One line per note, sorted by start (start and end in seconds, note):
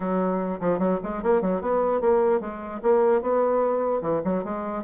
0.00 0.59 F#3
0.60 0.79 F3
0.79 0.99 F#3
1.03 1.22 G#3
1.22 1.41 A#3
1.41 1.61 F#3
1.61 2.01 B3
2.01 2.40 A#3
2.40 2.80 G#3
2.82 3.21 A#3
3.21 4.01 B3
4.01 4.21 E3
4.24 4.44 F#3
4.44 4.84 G#3